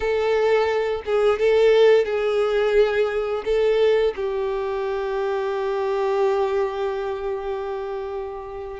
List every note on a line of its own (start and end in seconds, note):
0.00 1.02 A4
1.05 1.39 G#4
1.39 2.05 A4
2.05 3.43 G#4
3.45 4.13 A4
4.16 8.79 G4